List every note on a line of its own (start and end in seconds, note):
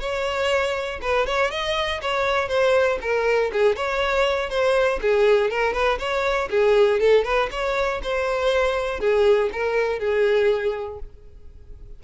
0.00 1.00 C#5
1.01 1.26 B4
1.26 1.50 C#5
1.50 2.00 D#5
2.01 2.48 C#5
2.48 2.98 C5
3.01 3.51 A#4
3.52 3.76 G#4
3.76 4.49 C#5
4.49 4.99 C5
5.02 5.50 G#4
5.50 5.73 A#4
5.73 5.98 B4
5.99 6.49 C#5
6.50 7.00 G#4
7.00 7.24 A4
7.24 7.49 B4
7.51 8.01 C#5
8.03 9.00 C5
9.00 9.50 G#4
9.53 9.99 A#4
9.99 10.99 G#4